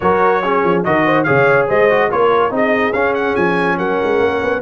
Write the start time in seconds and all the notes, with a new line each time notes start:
0.00 F#3 F#4 A#4 C#5
0.43 C#4 G#4
0.64 F3
0.84 D#3 F#4 A#4 D#5
1.05 C5
1.23 C#3 G#4 C#5 F5
1.67 G#3 C5 D#5
1.90 F#4
2.09 A#3 F4 A#4 C#5
2.50 C4 D#4 G#4 D#5
2.92 C#4 F5
3.14 F#5
3.35 F3 G#5
3.77 F#3 A#4 F#5
4.03 G#3
4.20 A#3
4.42 B3